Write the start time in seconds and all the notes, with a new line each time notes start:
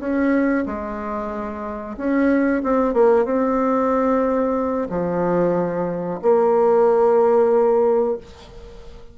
0.00 C#4
0.66 G#3
1.98 C#4
2.64 C4
2.94 A#3
3.25 C4
4.90 F3
6.23 A#3